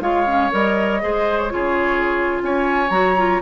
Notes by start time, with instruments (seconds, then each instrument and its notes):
0.00 bassoon G#3, clarinet F4, oboe C#5, flute F5
0.26 clarinet C#4
0.51 bassoon G3, clarinet A#4, flute D#5
1.01 bassoon G#3, clarinet G#4, oboe C5
1.38 flute C#5
1.50 bassoon C#3, clarinet F4, oboe G#4
2.42 bassoon C#4, oboe C#5, flute G#5
2.90 bassoon F#3, clarinet F#4, flute A#5
3.17 clarinet F4